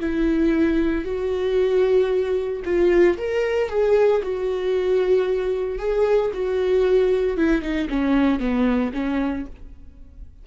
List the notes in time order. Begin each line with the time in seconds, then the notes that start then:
0.00 E4
1.05 F#4
2.65 F4
3.18 A#4
3.69 G#4
4.23 F#4
5.79 G#4
6.34 F#4
7.37 E4
7.62 D#4
7.90 C#4
8.40 B3
8.94 C#4